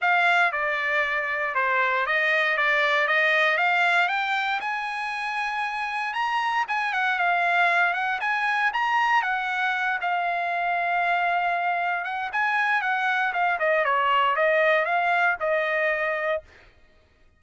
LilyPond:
\new Staff \with { instrumentName = "trumpet" } { \time 4/4 \tempo 4 = 117 f''4 d''2 c''4 | dis''4 d''4 dis''4 f''4 | g''4 gis''2. | ais''4 gis''8 fis''8 f''4. fis''8 |
gis''4 ais''4 fis''4. f''8~ | f''2.~ f''8 fis''8 | gis''4 fis''4 f''8 dis''8 cis''4 | dis''4 f''4 dis''2 | }